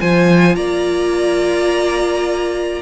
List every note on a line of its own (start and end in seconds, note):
0.00 0.56 F3
0.00 2.83 F4
0.00 0.57 C5
0.00 0.56 G#5
0.56 2.83 A#3
0.56 2.83 D5
0.56 2.82 A#5